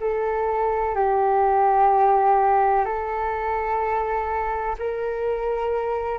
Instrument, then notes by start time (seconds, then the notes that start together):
flute
0.00 A4
0.95 G4
2.85 A4
4.78 A#4